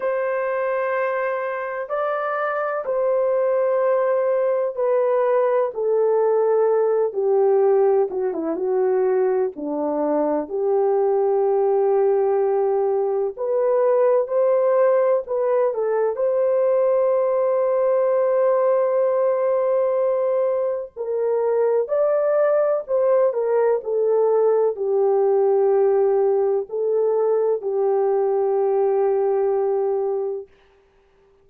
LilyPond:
\new Staff \with { instrumentName = "horn" } { \time 4/4 \tempo 4 = 63 c''2 d''4 c''4~ | c''4 b'4 a'4. g'8~ | g'8 fis'16 e'16 fis'4 d'4 g'4~ | g'2 b'4 c''4 |
b'8 a'8 c''2.~ | c''2 ais'4 d''4 | c''8 ais'8 a'4 g'2 | a'4 g'2. | }